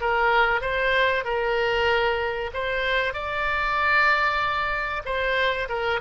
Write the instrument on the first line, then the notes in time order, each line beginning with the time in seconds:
oboe
0.00 A#4
0.61 C5
1.24 A#4
2.53 C5
3.13 D5
5.05 C5
5.68 A#4